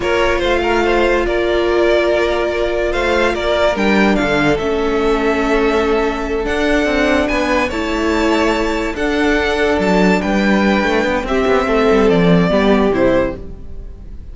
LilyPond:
<<
  \new Staff \with { instrumentName = "violin" } { \time 4/4 \tempo 4 = 144 cis''4 f''2 d''4~ | d''2. f''4 | d''4 g''4 f''4 e''4~ | e''2.~ e''8 fis''8~ |
fis''4. gis''4 a''4.~ | a''4. fis''2 a''8~ | a''8 g''2~ g''8 e''4~ | e''4 d''2 c''4 | }
  \new Staff \with { instrumentName = "violin" } { \time 4/4 ais'4 c''8 ais'8 c''4 ais'4~ | ais'2. c''4 | ais'2 a'2~ | a'1~ |
a'4. b'4 cis''4.~ | cis''4. a'2~ a'8~ | a'8 b'2~ b'8 g'4 | a'2 g'2 | }
  \new Staff \with { instrumentName = "viola" } { \time 4/4 f'1~ | f'1~ | f'4 d'2 cis'4~ | cis'2.~ cis'8 d'8~ |
d'2~ d'8 e'4.~ | e'4. d'2~ d'8~ | d'2. c'4~ | c'2 b4 e'4 | }
  \new Staff \with { instrumentName = "cello" } { \time 4/4 ais4 a2 ais4~ | ais2. a4 | ais4 g4 d4 a4~ | a2.~ a8 d'8~ |
d'8 c'4 b4 a4.~ | a4. d'2 fis8~ | fis8 g4. a8 b8 c'8 b8 | a8 g8 f4 g4 c4 | }
>>